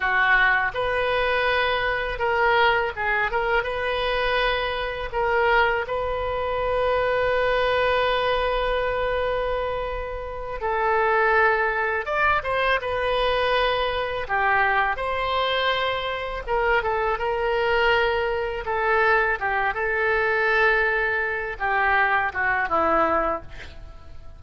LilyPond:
\new Staff \with { instrumentName = "oboe" } { \time 4/4 \tempo 4 = 82 fis'4 b'2 ais'4 | gis'8 ais'8 b'2 ais'4 | b'1~ | b'2~ b'8 a'4.~ |
a'8 d''8 c''8 b'2 g'8~ | g'8 c''2 ais'8 a'8 ais'8~ | ais'4. a'4 g'8 a'4~ | a'4. g'4 fis'8 e'4 | }